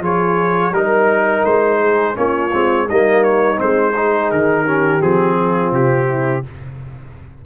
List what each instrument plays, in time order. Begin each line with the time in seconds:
0.00 tuba F3, trombone F4, horn G#4, trumpet C#5
0.71 tuba G3, trombone D#4, trumpet A#4, horn A#4
1.44 tuba G#3, trumpet C5
1.80 horn G#4
2.15 tuba A#3, trombone C#4, horn F4, trumpet C#5
2.53 tuba G#3, trombone C4
2.87 tuba G3, trombone A#3, horn D#4, trumpet D#5
3.23 trumpet C#5
3.56 tuba G#3, trombone C4, trumpet C5
3.95 trombone D#4, horn G#4
4.30 tuba D#3, trumpet A#4
4.64 trombone C#4, horn G4
5.00 tuba F3, trombone C4, trumpet G#4
5.37 horn F4
5.72 tuba C3, trumpet G4
6.08 horn E4